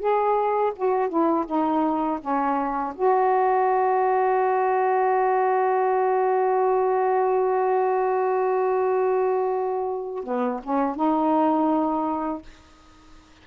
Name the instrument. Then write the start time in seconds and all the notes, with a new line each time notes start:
saxophone
0.00 G#4
0.76 F#4
1.09 E4
1.47 D#4
2.21 C#4
2.95 F#4
10.24 B3
10.64 C#4
10.96 D#4